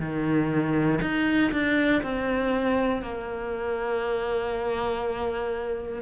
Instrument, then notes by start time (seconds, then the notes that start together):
cello
0.00 D#3
1.02 D#4
1.53 D4
2.03 C4
3.02 A#3